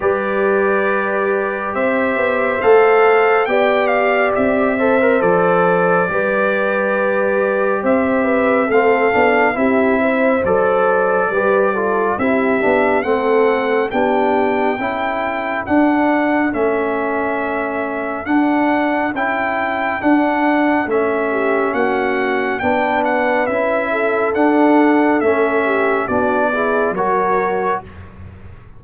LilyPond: <<
  \new Staff \with { instrumentName = "trumpet" } { \time 4/4 \tempo 4 = 69 d''2 e''4 f''4 | g''8 f''8 e''4 d''2~ | d''4 e''4 f''4 e''4 | d''2 e''4 fis''4 |
g''2 fis''4 e''4~ | e''4 fis''4 g''4 fis''4 | e''4 fis''4 g''8 fis''8 e''4 | fis''4 e''4 d''4 cis''4 | }
  \new Staff \with { instrumentName = "horn" } { \time 4/4 b'2 c''2 | d''4. c''4. b'4~ | b'4 c''8 b'8 a'4 g'8 c''8~ | c''4 b'8 a'8 g'4 a'4 |
g'4 a'2.~ | a'1~ | a'8 g'8 fis'4 b'4. a'8~ | a'4. g'8 fis'8 gis'8 ais'4 | }
  \new Staff \with { instrumentName = "trombone" } { \time 4/4 g'2. a'4 | g'4. a'16 ais'16 a'4 g'4~ | g'2 c'8 d'8 e'4 | a'4 g'8 f'8 e'8 d'8 c'4 |
d'4 e'4 d'4 cis'4~ | cis'4 d'4 e'4 d'4 | cis'2 d'4 e'4 | d'4 cis'4 d'8 e'8 fis'4 | }
  \new Staff \with { instrumentName = "tuba" } { \time 4/4 g2 c'8 b8 a4 | b4 c'4 f4 g4~ | g4 c'4 a8 b8 c'4 | fis4 g4 c'8 b8 a4 |
b4 cis'4 d'4 a4~ | a4 d'4 cis'4 d'4 | a4 ais4 b4 cis'4 | d'4 a4 b4 fis4 | }
>>